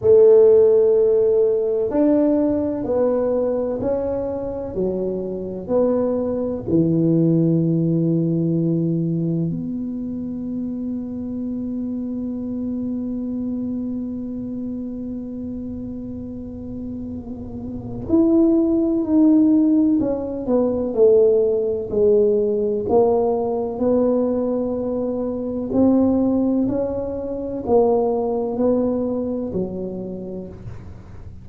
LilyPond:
\new Staff \with { instrumentName = "tuba" } { \time 4/4 \tempo 4 = 63 a2 d'4 b4 | cis'4 fis4 b4 e4~ | e2 b2~ | b1~ |
b2. e'4 | dis'4 cis'8 b8 a4 gis4 | ais4 b2 c'4 | cis'4 ais4 b4 fis4 | }